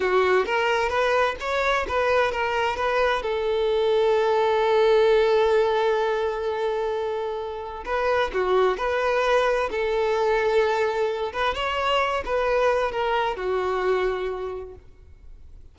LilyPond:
\new Staff \with { instrumentName = "violin" } { \time 4/4 \tempo 4 = 130 fis'4 ais'4 b'4 cis''4 | b'4 ais'4 b'4 a'4~ | a'1~ | a'1~ |
a'4 b'4 fis'4 b'4~ | b'4 a'2.~ | a'8 b'8 cis''4. b'4. | ais'4 fis'2. | }